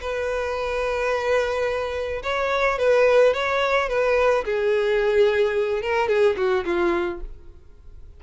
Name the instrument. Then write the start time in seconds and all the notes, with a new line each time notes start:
violin
0.00 B4
2.23 C#5
2.78 B4
3.33 C#5
3.89 B4
4.44 G#4
5.82 A#4
6.08 G#4
6.36 F#4
6.65 F4